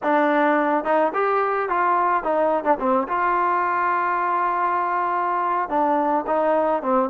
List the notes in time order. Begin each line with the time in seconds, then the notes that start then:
0.03 D4
0.84 D#4
1.13 G4
1.69 F4
2.23 D#4
2.64 D4
2.79 C4
3.08 F4
5.69 D4
6.27 D#4
6.82 C4